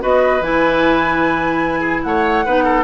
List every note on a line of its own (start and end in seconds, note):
0.00 0.41 B3
0.00 0.41 F#4
0.00 1.80 B4
0.00 0.43 D#5
0.41 2.03 E3
0.41 2.45 E4
0.41 2.03 G#5
1.80 2.01 G#4
2.03 2.45 A3
2.03 2.45 C#5
2.03 2.84 F#5
2.45 2.84 B3
2.45 2.84 D#4
2.45 2.64 B4
2.64 2.84 A4